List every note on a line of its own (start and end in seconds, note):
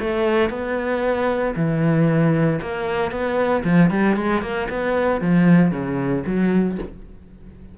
0.00 0.50 A3
0.50 1.55 B3
1.56 2.60 E3
2.62 3.12 A#3
3.12 3.64 B3
3.65 3.91 F3
3.91 4.16 G3
4.16 4.42 G#3
4.42 4.68 A#3
4.70 5.22 B3
5.22 5.72 F3
5.72 6.24 C#3
6.27 6.79 F#3